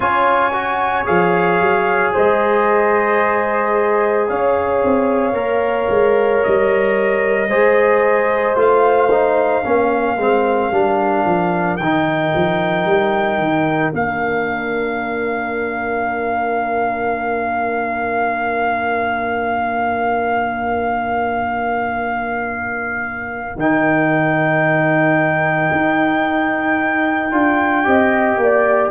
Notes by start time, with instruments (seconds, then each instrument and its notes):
0.00 tuba C#4, trombone F4, horn C#5, trumpet G#5
0.52 trombone F#4
1.05 tuba F3, trombone G#4, trumpet F5
1.60 tuba F#3
2.13 tuba G#3, horn C5, trumpet D#5
4.29 tuba C#4, horn C#5, trumpet F5
4.83 tuba C4
5.33 tuba A#3, trombone A#4
5.89 tuba G#3
6.43 tuba G3, trumpet D#5
7.48 tuba G#3, trombone G#4, horn C5
8.55 tuba A3, trombone F4, trumpet F5
9.11 trombone D#4
9.63 tuba A#3, trombone C#4, horn A#4
10.16 tuba G#3, trombone C4
10.71 tuba G3, trombone D4
11.24 tuba F3
11.77 tuba D#3, trumpet G5
11.83 trombone D#4
12.35 tuba F3
12.85 tuba G3
13.38 tuba D#3
13.93 tuba A#3, trombone D4, trumpet F5
23.55 tuba D#3, trombone D#4, trumpet G5
25.71 tuba D#4
27.31 tuba D4, trombone F4
27.84 tuba C4, trombone G4, horn D#5
28.37 tuba A#3
28.43 horn D5